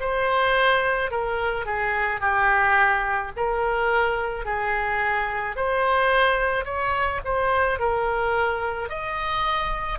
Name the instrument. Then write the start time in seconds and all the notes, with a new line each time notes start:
oboe
0.00 C5
1.11 A#4
1.66 G#4
2.20 G4
3.36 A#4
4.45 G#4
5.56 C5
6.65 C#5
7.24 C5
7.79 A#4
8.89 D#5